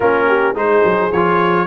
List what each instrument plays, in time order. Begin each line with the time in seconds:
0.00 tuba A#3, trombone C#4, horn F4, trumpet A#4
0.27 horn G4
0.54 tuba G#3, trombone D#4, horn G#4, trumpet C5
0.84 tuba F#3
1.12 tuba F3, trombone F4, trumpet C#5